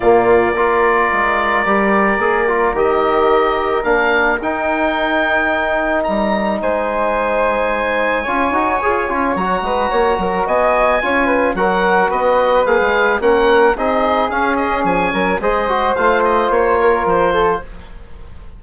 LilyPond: <<
  \new Staff \with { instrumentName = "oboe" } { \time 4/4 \tempo 4 = 109 d''1~ | d''4 dis''2 f''4 | g''2. ais''4 | gis''1~ |
gis''4 ais''2 gis''4~ | gis''4 fis''4 dis''4 f''4 | fis''4 dis''4 f''8 dis''8 gis''4 | dis''4 f''8 dis''8 cis''4 c''4 | }
  \new Staff \with { instrumentName = "flute" } { \time 4/4 f'4 ais'2.~ | ais'1~ | ais'1 | c''2. cis''4~ |
cis''4. b'8 cis''8 ais'8 dis''4 | cis''8 b'8 ais'4 b'2 | ais'4 gis'2~ gis'8 ais'8 | c''2~ c''8 ais'4 a'8 | }
  \new Staff \with { instrumentName = "trombone" } { \time 4/4 ais4 f'2 g'4 | gis'8 f'8 g'2 d'4 | dis'1~ | dis'2. f'8 fis'8 |
gis'8 f'8 fis'2. | f'4 fis'2 gis'4 | cis'4 dis'4 cis'2 | gis'8 fis'8 f'2. | }
  \new Staff \with { instrumentName = "bassoon" } { \time 4/4 ais,4 ais4 gis4 g4 | ais4 dis2 ais4 | dis'2. g4 | gis2. cis'8 dis'8 |
f'8 cis'8 fis8 gis8 ais8 fis8 b4 | cis'4 fis4 b4 ais16 gis8. | ais4 c'4 cis'4 f8 fis8 | gis4 a4 ais4 f4 | }
>>